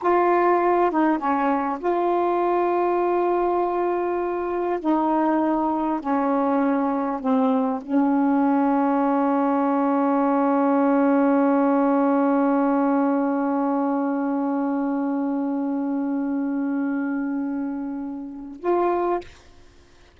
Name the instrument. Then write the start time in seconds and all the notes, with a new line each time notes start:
saxophone
0.02 F4
0.90 D#4
1.18 C#4
1.79 F4
4.80 D#4
6.00 C#4
7.20 C4
7.81 C#4
18.60 F4